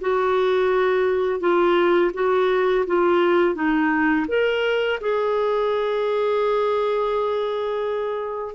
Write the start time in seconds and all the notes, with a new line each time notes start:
0.00 F#4
1.40 F4
2.14 F#4
2.86 F4
3.55 D#4
4.28 A#4
5.00 G#4